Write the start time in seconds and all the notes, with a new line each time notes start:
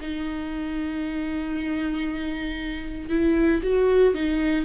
0.00 D#4
3.09 E4
3.63 F#4
4.14 D#4